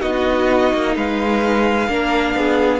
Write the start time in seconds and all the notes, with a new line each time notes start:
0.00 B3 D#4 F#4 D#5
0.74 A#3
0.96 G#3 B4 F5
1.88 A#3 D4 A#4
2.35 B3 G#4